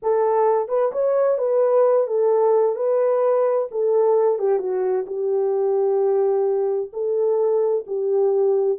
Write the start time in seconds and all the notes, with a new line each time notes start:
0.02 A4
0.68 B4
0.92 C#5
1.38 B4
2.07 A4
2.75 B4
3.71 A4
4.38 G4
4.58 F#4
5.06 G4
6.92 A4
7.87 G4